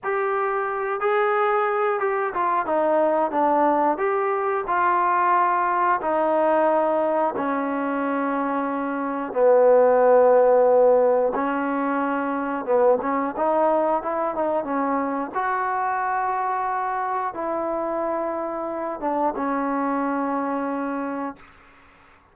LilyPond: \new Staff \with { instrumentName = "trombone" } { \time 4/4 \tempo 4 = 90 g'4. gis'4. g'8 f'8 | dis'4 d'4 g'4 f'4~ | f'4 dis'2 cis'4~ | cis'2 b2~ |
b4 cis'2 b8 cis'8 | dis'4 e'8 dis'8 cis'4 fis'4~ | fis'2 e'2~ | e'8 d'8 cis'2. | }